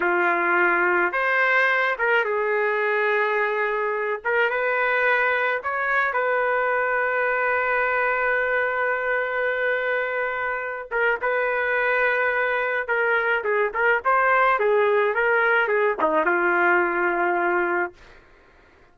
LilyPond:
\new Staff \with { instrumentName = "trumpet" } { \time 4/4 \tempo 4 = 107 f'2 c''4. ais'8 | gis'2.~ gis'8 ais'8 | b'2 cis''4 b'4~ | b'1~ |
b'2.~ b'8 ais'8 | b'2. ais'4 | gis'8 ais'8 c''4 gis'4 ais'4 | gis'8 dis'8 f'2. | }